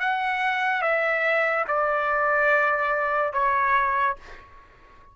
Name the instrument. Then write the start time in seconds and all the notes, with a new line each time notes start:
trumpet
0.00 F#5
0.82 E5
1.68 D5
3.33 C#5